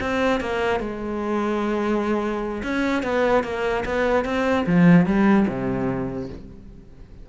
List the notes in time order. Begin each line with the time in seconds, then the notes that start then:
0.00 C4
0.40 A#3
0.80 G#3
2.63 C#4
3.03 B3
3.43 A#3
3.85 B3
4.25 C4
4.66 F3
5.06 G3
5.48 C3